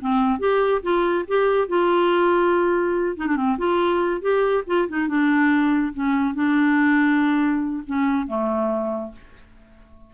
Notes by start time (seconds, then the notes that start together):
0.00 C4
0.39 G4
0.82 F4
1.27 G4
1.68 F4
3.16 D#4
3.27 D4
3.36 C4
3.58 F4
4.21 G4
4.66 F4
4.88 D#4
5.08 D4
5.93 C#4
6.34 D4
7.86 C#4
8.27 A3